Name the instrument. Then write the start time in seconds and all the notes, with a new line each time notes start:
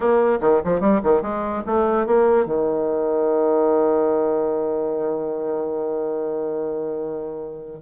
bassoon
0.00 A#3
0.41 D#3
0.64 F3
0.80 G3
1.03 D#3
1.21 G#3
1.66 A3
2.06 A#3
2.45 D#3